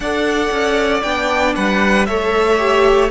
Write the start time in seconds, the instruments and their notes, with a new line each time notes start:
0.00 cello D4, viola A4, violin D5 F#5
0.51 cello C#4
1.02 cello B3, viola D4, violin G5
1.55 cello G3, violin B4 F#5
2.05 cello A3, viola A4, violin C#5 E5
2.57 viola G4